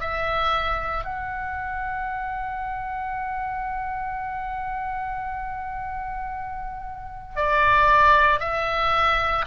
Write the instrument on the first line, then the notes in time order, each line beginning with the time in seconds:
oboe
0.00 E5
1.04 F#5
7.35 D5
8.39 E5